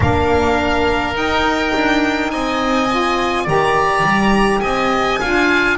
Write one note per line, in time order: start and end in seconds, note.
0.00 1.14 A#3
0.00 1.14 D4
0.00 2.31 A#4
0.00 1.16 F5
1.14 2.87 D#4
1.14 1.72 D#4
1.14 2.31 G5
1.74 2.32 D4
2.31 3.47 C4
2.31 3.43 D#5
2.31 3.46 G#5
2.90 3.46 F4
3.43 4.03 D#3
3.43 5.19 G4
3.43 4.59 D5
3.43 4.61 A#5
4.03 4.61 G3
4.61 5.19 C4
4.61 5.20 D#5
4.61 5.76 G#5
5.20 5.77 D4
5.20 5.77 F4
5.20 5.77 F5